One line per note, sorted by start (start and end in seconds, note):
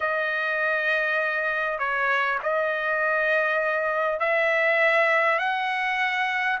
0.00 1.78 D#5
1.78 2.38 C#5
2.42 4.19 D#5
4.19 5.38 E5
5.38 6.58 F#5